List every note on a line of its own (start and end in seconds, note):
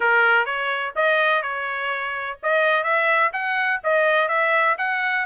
0.00 0.45 A#4
0.45 0.93 C#5
0.95 1.42 D#5
1.42 2.37 C#5
2.42 2.83 D#5
2.83 3.31 E5
3.32 3.80 F#5
3.83 4.28 D#5
4.28 4.76 E5
4.78 5.25 F#5